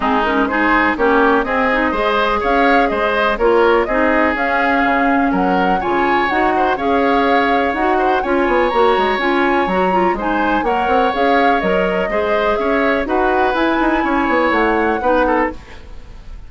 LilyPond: <<
  \new Staff \with { instrumentName = "flute" } { \time 4/4 \tempo 4 = 124 gis'8 ais'8 c''4 cis''4 dis''4~ | dis''4 f''4 dis''4 cis''4 | dis''4 f''2 fis''4 | gis''4 fis''4 f''2 |
fis''4 gis''4 ais''4 gis''4 | ais''4 gis''4 fis''4 f''4 | dis''2 e''4 fis''4 | gis''2 fis''2 | }
  \new Staff \with { instrumentName = "oboe" } { \time 4/4 dis'4 gis'4 g'4 gis'4 | c''4 cis''4 c''4 ais'4 | gis'2. ais'4 | cis''4. c''8 cis''2~ |
cis''8 c''8 cis''2.~ | cis''4 c''4 cis''2~ | cis''4 c''4 cis''4 b'4~ | b'4 cis''2 b'8 a'8 | }
  \new Staff \with { instrumentName = "clarinet" } { \time 4/4 c'8 cis'8 dis'4 cis'4 c'8 dis'8 | gis'2. f'4 | dis'4 cis'2. | f'4 fis'4 gis'2 |
fis'4 f'4 fis'4 f'4 | fis'8 f'8 dis'4 ais'4 gis'4 | ais'4 gis'2 fis'4 | e'2. dis'4 | }
  \new Staff \with { instrumentName = "bassoon" } { \time 4/4 gis2 ais4 c'4 | gis4 cis'4 gis4 ais4 | c'4 cis'4 cis4 fis4 | cis4 dis'4 cis'2 |
dis'4 cis'8 b8 ais8 gis8 cis'4 | fis4 gis4 ais8 c'8 cis'4 | fis4 gis4 cis'4 dis'4 | e'8 dis'8 cis'8 b8 a4 b4 | }
>>